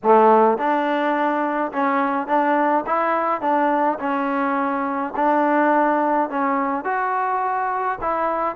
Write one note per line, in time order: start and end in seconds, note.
0.03 0.57 A3
0.57 1.72 D4
1.72 2.27 C#4
2.27 2.84 D4
2.86 3.41 E4
3.41 3.98 D4
3.99 5.13 C#4
5.16 6.29 D4
6.29 6.84 C#4
6.84 7.98 F#4
8.01 8.55 E4